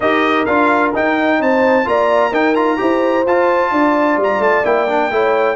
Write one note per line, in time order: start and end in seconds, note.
0.00 0.46 D#4
0.00 0.47 G4
0.00 1.39 A#4
0.00 0.45 D#5
0.45 0.93 D4
0.45 0.94 F4
0.45 0.92 F5
0.94 1.84 D#4
0.94 1.39 D#4
0.94 1.41 G5
1.39 1.86 C4
1.39 1.87 C5
1.39 1.88 A5
1.84 2.31 A#3
1.84 2.31 F4
1.84 2.30 D5
1.84 2.34 A#5
2.30 2.78 D#4
2.30 2.55 D#4
2.30 2.77 A#4
2.30 2.55 G5
2.55 2.77 F4
2.55 3.24 A#5
2.77 3.25 E4
2.77 3.23 G4
2.77 3.71 C5
3.25 3.71 F4
3.25 4.64 F4
3.25 4.20 A5
3.71 4.16 D4
3.71 5.10 D5
4.16 4.39 G3
4.23 4.42 A#5
4.39 4.62 A3
4.39 4.65 A5
4.64 5.10 A#3
4.64 4.87 E4
4.64 5.55 G5
4.88 5.11 D4
5.11 5.55 A3
5.11 5.55 E4
5.11 5.55 C#5